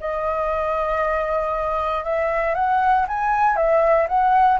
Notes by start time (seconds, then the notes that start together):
0.00 D#5
2.04 E5
2.55 F#5
3.07 G#5
3.56 E5
4.08 F#5